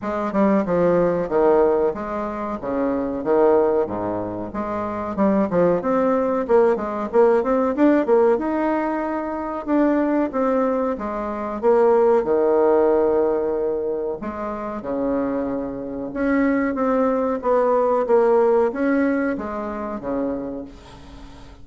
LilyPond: \new Staff \with { instrumentName = "bassoon" } { \time 4/4 \tempo 4 = 93 gis8 g8 f4 dis4 gis4 | cis4 dis4 gis,4 gis4 | g8 f8 c'4 ais8 gis8 ais8 c'8 | d'8 ais8 dis'2 d'4 |
c'4 gis4 ais4 dis4~ | dis2 gis4 cis4~ | cis4 cis'4 c'4 b4 | ais4 cis'4 gis4 cis4 | }